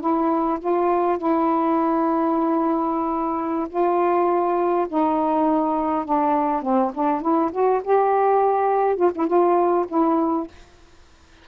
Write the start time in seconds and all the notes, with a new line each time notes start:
0.00 E4
0.59 F4
1.18 E4
3.69 F4
4.88 D#4
6.05 D4
6.62 C4
6.94 D4
7.21 E4
7.52 F#4
7.83 G4
8.96 F4
9.14 E4
9.27 F4
9.88 E4